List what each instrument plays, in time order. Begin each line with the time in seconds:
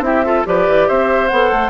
0.00 bassoon C4, clarinet E4, oboe G4, flute E5
0.24 clarinet F4, oboe A4
0.45 bassoon F3, clarinet G4, oboe B4, flute D5
0.68 bassoon E3
0.88 bassoon C4, oboe C5, flute E5
1.28 bassoon B3, clarinet A4, flute F#5
1.51 bassoon A3